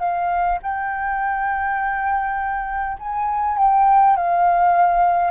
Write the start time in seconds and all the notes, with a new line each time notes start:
0.00 F5
0.63 G5
2.99 G#5
3.58 G5
4.17 F5